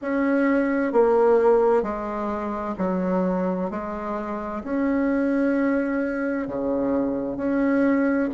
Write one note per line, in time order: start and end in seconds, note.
0.01 0.92 C#4
0.92 1.83 A#3
1.83 2.75 G#3
2.78 3.70 F#3
3.70 4.62 G#3
4.63 6.47 C#4
6.47 7.36 C#3
7.36 8.29 C#4